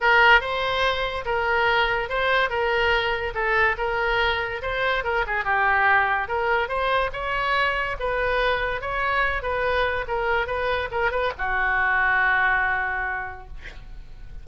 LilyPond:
\new Staff \with { instrumentName = "oboe" } { \time 4/4 \tempo 4 = 143 ais'4 c''2 ais'4~ | ais'4 c''4 ais'2 | a'4 ais'2 c''4 | ais'8 gis'8 g'2 ais'4 |
c''4 cis''2 b'4~ | b'4 cis''4. b'4. | ais'4 b'4 ais'8 b'8 fis'4~ | fis'1 | }